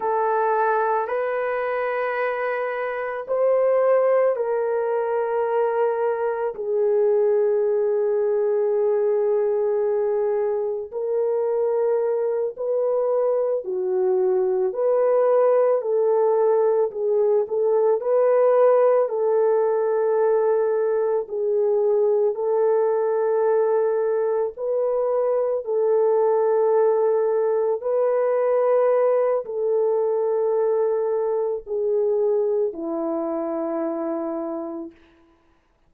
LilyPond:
\new Staff \with { instrumentName = "horn" } { \time 4/4 \tempo 4 = 55 a'4 b'2 c''4 | ais'2 gis'2~ | gis'2 ais'4. b'8~ | b'8 fis'4 b'4 a'4 gis'8 |
a'8 b'4 a'2 gis'8~ | gis'8 a'2 b'4 a'8~ | a'4. b'4. a'4~ | a'4 gis'4 e'2 | }